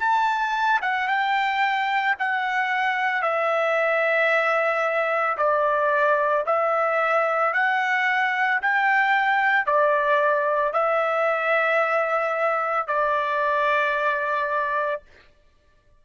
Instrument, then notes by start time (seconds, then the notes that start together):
trumpet
0.00 A5
0.82 F#5
1.08 G5
2.19 F#5
3.22 E5
5.37 D5
6.46 E5
7.53 F#5
8.62 G5
9.66 D5
10.73 E5
12.88 D5